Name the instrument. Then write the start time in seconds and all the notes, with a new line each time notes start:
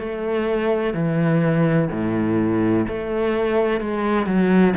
cello
0.00 A3
0.94 E3
1.91 A2
2.88 A3
3.81 G#3
4.26 F#3